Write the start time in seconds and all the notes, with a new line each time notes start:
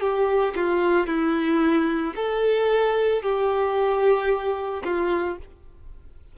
0.00 G4
0.55 F4
1.07 E4
2.15 A4
3.22 G4
4.84 F4